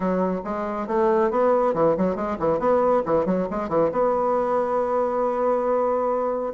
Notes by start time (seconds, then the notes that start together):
0.00 F#3
0.44 G#3
0.87 A3
1.30 B3
1.74 E3
1.97 F#3
2.15 G#3
2.39 E3
2.59 B3
3.05 E3
3.25 F#3
3.50 G#3
3.68 E3
3.92 B3